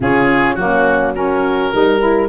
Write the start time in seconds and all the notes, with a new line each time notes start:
0.00 C#3 C#4 F4 G#4
0.55 F#3 A#3 C#4 F#4
1.15 C#4 F#4 A#4
1.72 G3 D#4 A#4
1.99 E4